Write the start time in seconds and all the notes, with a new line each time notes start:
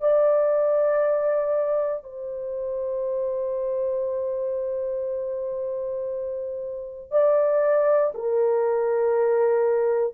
0.00 D5
2.03 C5
7.11 D5
8.14 A#4